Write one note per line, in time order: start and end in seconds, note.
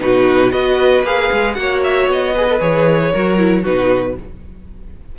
0.00 0.53 B2
0.00 0.51 D#4
0.00 0.52 F#4
0.00 0.52 B4
0.51 1.04 B3
0.51 1.03 F#4
0.51 1.56 B4
0.51 1.04 D#5
1.04 1.30 A#3
1.04 1.55 G#4
1.04 1.54 F5
1.32 1.58 G#3
1.54 2.08 A#3
1.54 2.33 F#4
1.54 2.35 C#5
1.54 1.80 F#5
1.84 2.10 E5
2.08 2.60 B3
2.08 2.61 D#5
2.35 2.49 G#4
2.35 3.13 B4
2.50 2.59 A4
2.59 3.13 E3
2.59 3.11 G#4
2.59 3.65 C#5
3.13 3.66 F#3
3.13 3.38 F#4
3.13 3.62 A#4
3.38 3.64 E4
3.62 4.19 B2
3.62 4.17 D#4
3.62 4.15 F#4
3.62 4.17 B4